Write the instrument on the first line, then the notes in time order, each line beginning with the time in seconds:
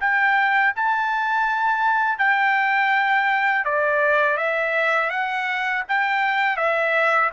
trumpet
0.00 G5
0.75 A5
2.18 G5
3.65 D5
4.37 E5
5.10 F#5
5.88 G5
6.57 E5